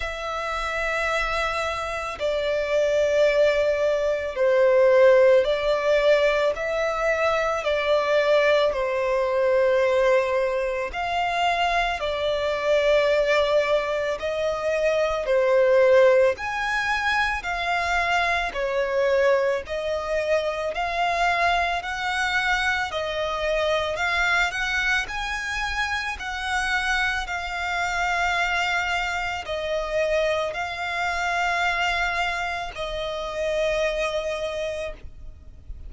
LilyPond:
\new Staff \with { instrumentName = "violin" } { \time 4/4 \tempo 4 = 55 e''2 d''2 | c''4 d''4 e''4 d''4 | c''2 f''4 d''4~ | d''4 dis''4 c''4 gis''4 |
f''4 cis''4 dis''4 f''4 | fis''4 dis''4 f''8 fis''8 gis''4 | fis''4 f''2 dis''4 | f''2 dis''2 | }